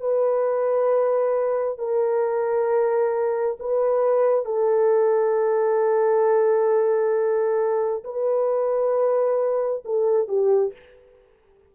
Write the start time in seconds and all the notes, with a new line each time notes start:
0.00 B4
1.79 A#4
3.60 B4
4.45 A4
8.04 B4
9.85 A4
10.28 G4